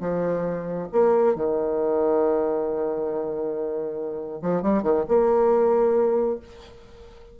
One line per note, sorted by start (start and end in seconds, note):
0.00 0.88 F3
0.92 1.35 A#3
1.35 4.41 D#3
4.41 4.62 F3
4.62 4.82 G3
4.82 5.04 D#3
5.08 6.39 A#3